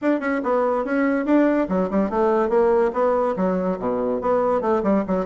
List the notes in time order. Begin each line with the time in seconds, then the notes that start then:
0.01 D4
0.20 C#4
0.43 B3
0.84 C#4
1.25 D4
1.68 F#3
1.90 G3
2.10 A3
2.49 A#3
2.93 B3
3.36 F#3
3.79 B2
4.21 B3
4.61 A3
4.83 G3
5.07 F#3